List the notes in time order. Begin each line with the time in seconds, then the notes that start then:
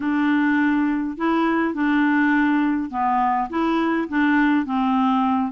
0.00 D4
1.17 E4
1.74 D4
2.90 B3
3.49 E4
4.09 D4
4.65 C4